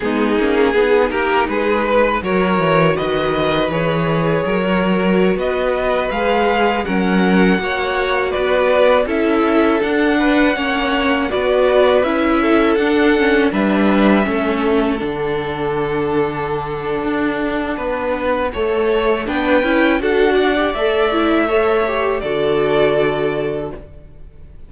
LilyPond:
<<
  \new Staff \with { instrumentName = "violin" } { \time 4/4 \tempo 4 = 81 gis'4. ais'8 b'4 cis''4 | dis''4 cis''2~ cis''16 dis''8.~ | dis''16 f''4 fis''2 d''8.~ | d''16 e''4 fis''2 d''8.~ |
d''16 e''4 fis''4 e''4.~ e''16~ | e''16 fis''2.~ fis''8.~ | fis''2 g''4 fis''4 | e''2 d''2 | }
  \new Staff \with { instrumentName = "violin" } { \time 4/4 dis'4 gis'8 g'8 gis'8 b'8 ais'4 | b'2 ais'4~ ais'16 b'8.~ | b'4~ b'16 ais'4 cis''4 b'8.~ | b'16 a'4. b'8 cis''4 b'8.~ |
b'8. a'4. b'4 a'8.~ | a'1 | b'4 cis''4 b'4 a'8 d''8~ | d''4 cis''4 a'2 | }
  \new Staff \with { instrumentName = "viola" } { \time 4/4 b8 cis'8 dis'2 fis'4~ | fis'4 gis'4~ gis'16 fis'4.~ fis'16~ | fis'16 gis'4 cis'4 fis'4.~ fis'16~ | fis'16 e'4 d'4 cis'4 fis'8.~ |
fis'16 e'4 d'8 cis'8 d'4 cis'8.~ | cis'16 d'2.~ d'8.~ | d'4 a'4 d'8 e'8 fis'8. g'16 | a'8 e'8 a'8 g'8 fis'2 | }
  \new Staff \with { instrumentName = "cello" } { \time 4/4 gis8 ais8 b8 ais8 gis4 fis8 e8 | dis4 e4 fis4~ fis16 b8.~ | b16 gis4 fis4 ais4 b8.~ | b16 cis'4 d'4 ais4 b8.~ |
b16 cis'4 d'4 g4 a8.~ | a16 d2~ d8. d'4 | b4 a4 b8 cis'8 d'4 | a2 d2 | }
>>